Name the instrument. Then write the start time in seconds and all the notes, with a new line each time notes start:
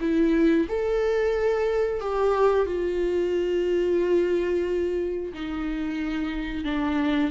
viola
0.00 E4
0.68 A4
2.00 G4
2.66 F4
5.33 D#4
6.64 D4